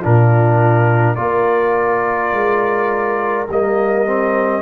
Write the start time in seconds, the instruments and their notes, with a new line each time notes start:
0.00 tuba A#2, trombone D4, horn F4, trumpet A#4
1.15 tuba A#3, trombone F4, horn A#4, trumpet D5
2.32 tuba G#3
3.48 tuba G3, trombone A#3, trumpet D#5
4.06 trombone C4